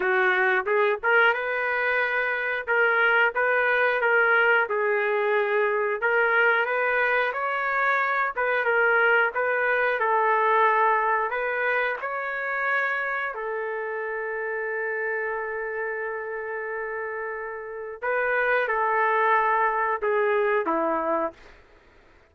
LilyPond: \new Staff \with { instrumentName = "trumpet" } { \time 4/4 \tempo 4 = 90 fis'4 gis'8 ais'8 b'2 | ais'4 b'4 ais'4 gis'4~ | gis'4 ais'4 b'4 cis''4~ | cis''8 b'8 ais'4 b'4 a'4~ |
a'4 b'4 cis''2 | a'1~ | a'2. b'4 | a'2 gis'4 e'4 | }